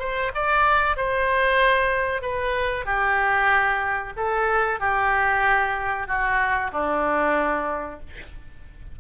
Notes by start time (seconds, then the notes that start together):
0.00 C5
0.35 D5
0.97 C5
2.22 B4
2.86 G4
4.17 A4
4.80 G4
6.08 F#4
6.73 D4